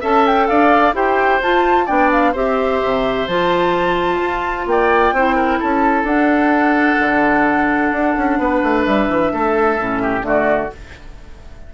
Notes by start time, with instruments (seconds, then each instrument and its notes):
0.00 bassoon C#4, clarinet A4, oboe E5, flute A5
0.26 flute G5
0.48 bassoon D4, oboe D5, flute F5
0.93 bassoon E4, clarinet G4, oboe C5, flute G5
1.42 bassoon F4, clarinet F4, flute A5
1.85 bassoon B3, clarinet D4, oboe D5, flute G5
2.11 flute F5
2.32 bassoon C4, clarinet G4, oboe C5, flute E5
2.84 bassoon C3
3.27 bassoon F3, clarinet F4, flute A5
4.21 bassoon F4
4.66 bassoon A#3, oboe D5, flute G5
5.12 bassoon C4, clarinet E4, oboe C5
5.35 oboe A#4
5.59 bassoon C#4, oboe A4, flute A5
6.03 bassoon D4, clarinet D4, flute F#5
6.99 bassoon D3
7.91 bassoon D4
8.17 bassoon C#4
8.38 bassoon B3, oboe B4
8.63 bassoon A3
8.84 bassoon G3, flute E5
9.08 bassoon E3
9.33 bassoon A3, oboe A4
9.79 bassoon A2, clarinet C#4
10.02 oboe G4
10.21 bassoon D3, clarinet A3, oboe F#4, flute D5